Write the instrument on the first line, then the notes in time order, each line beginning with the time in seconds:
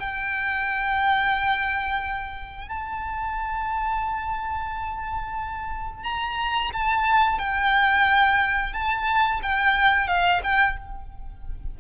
violin
0.00 G5
2.69 A5
6.04 A#5
6.74 A5
7.39 G5
8.73 A5
9.43 G5
10.08 F5
10.44 G5